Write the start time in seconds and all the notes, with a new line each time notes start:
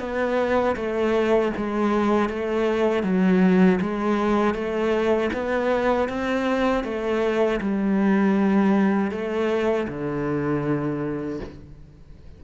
0.00 B3
0.77 A3
1.57 G#3
2.30 A3
3.04 F#3
3.82 G#3
4.55 A3
5.34 B3
6.10 C4
6.85 A3
7.62 G3
9.12 A3
9.89 D3